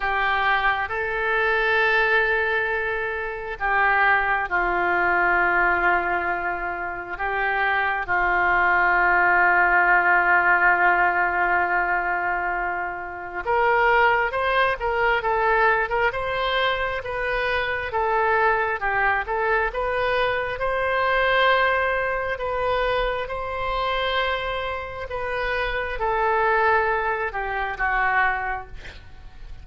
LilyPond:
\new Staff \with { instrumentName = "oboe" } { \time 4/4 \tempo 4 = 67 g'4 a'2. | g'4 f'2. | g'4 f'2.~ | f'2. ais'4 |
c''8 ais'8 a'8. ais'16 c''4 b'4 | a'4 g'8 a'8 b'4 c''4~ | c''4 b'4 c''2 | b'4 a'4. g'8 fis'4 | }